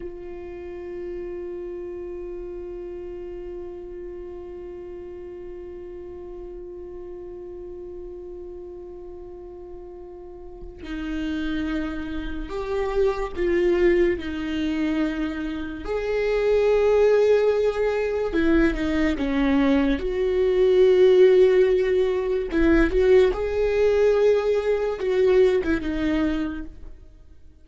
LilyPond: \new Staff \with { instrumentName = "viola" } { \time 4/4 \tempo 4 = 72 f'1~ | f'1~ | f'1~ | f'4 dis'2 g'4 |
f'4 dis'2 gis'4~ | gis'2 e'8 dis'8 cis'4 | fis'2. e'8 fis'8 | gis'2 fis'8. e'16 dis'4 | }